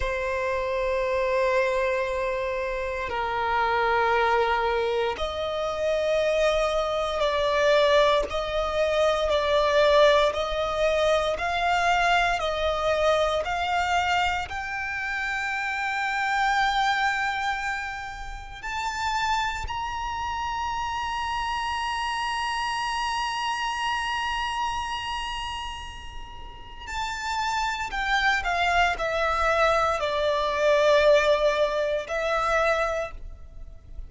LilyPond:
\new Staff \with { instrumentName = "violin" } { \time 4/4 \tempo 4 = 58 c''2. ais'4~ | ais'4 dis''2 d''4 | dis''4 d''4 dis''4 f''4 | dis''4 f''4 g''2~ |
g''2 a''4 ais''4~ | ais''1~ | ais''2 a''4 g''8 f''8 | e''4 d''2 e''4 | }